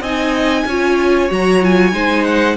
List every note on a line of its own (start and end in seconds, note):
0.00 0.64 C4
0.00 0.68 D#4
0.00 0.65 D#5
0.00 1.30 G#5
0.65 1.29 C#4
0.65 1.29 F4
0.65 1.95 C#5
1.29 1.92 F#3
1.29 1.61 F#4
1.29 1.64 A#5
1.62 1.92 F4
1.62 2.24 G#5
1.92 2.56 G#3
1.92 2.56 D#4
1.92 2.56 C5
2.24 2.56 F#5